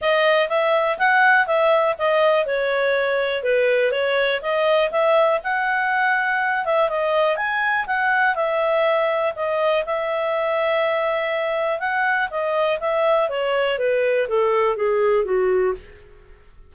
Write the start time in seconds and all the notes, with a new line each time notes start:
0.01 D#5
0.49 E5
0.98 F#5
1.46 E5
1.98 D#5
2.46 C#5
3.43 B4
3.91 C#5
4.42 D#5
4.91 E5
5.43 F#5
6.65 E5
6.89 D#5
7.36 G#5
7.86 F#5
8.35 E5
9.35 D#5
9.85 E5
11.79 F#5
12.30 D#5
12.80 E5
13.29 C#5
13.78 B4
14.28 A4
14.76 G#4
15.24 F#4